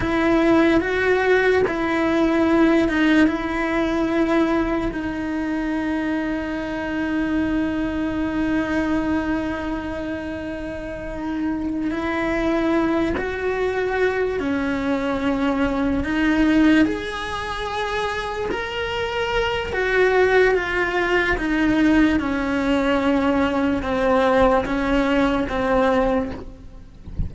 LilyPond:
\new Staff \with { instrumentName = "cello" } { \time 4/4 \tempo 4 = 73 e'4 fis'4 e'4. dis'8 | e'2 dis'2~ | dis'1~ | dis'2~ dis'8 e'4. |
fis'4. cis'2 dis'8~ | dis'8 gis'2 ais'4. | fis'4 f'4 dis'4 cis'4~ | cis'4 c'4 cis'4 c'4 | }